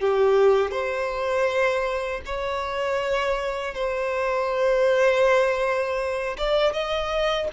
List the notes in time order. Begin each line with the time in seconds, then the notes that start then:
0.00 G4
0.71 C5
2.26 C#5
3.74 C5
6.38 D5
6.73 D#5